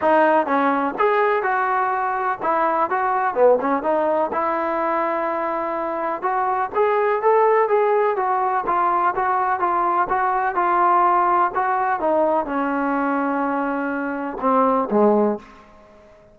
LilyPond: \new Staff \with { instrumentName = "trombone" } { \time 4/4 \tempo 4 = 125 dis'4 cis'4 gis'4 fis'4~ | fis'4 e'4 fis'4 b8 cis'8 | dis'4 e'2.~ | e'4 fis'4 gis'4 a'4 |
gis'4 fis'4 f'4 fis'4 | f'4 fis'4 f'2 | fis'4 dis'4 cis'2~ | cis'2 c'4 gis4 | }